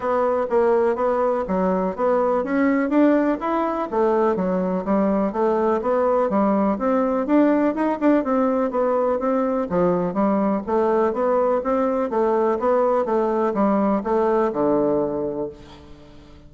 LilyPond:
\new Staff \with { instrumentName = "bassoon" } { \time 4/4 \tempo 4 = 124 b4 ais4 b4 fis4 | b4 cis'4 d'4 e'4 | a4 fis4 g4 a4 | b4 g4 c'4 d'4 |
dis'8 d'8 c'4 b4 c'4 | f4 g4 a4 b4 | c'4 a4 b4 a4 | g4 a4 d2 | }